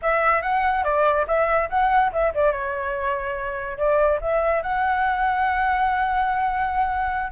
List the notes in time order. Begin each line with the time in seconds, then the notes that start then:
0.02 E5
0.42 F#5
0.84 D5
1.27 E5
1.69 F#5
2.12 E5
2.34 D5
2.52 C#5
3.77 D5
4.21 E5
4.62 F#5